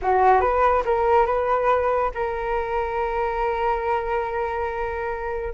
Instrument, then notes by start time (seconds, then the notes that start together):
flute
0.02 F#4
0.40 B4
0.85 A#4
1.26 B4
2.14 A#4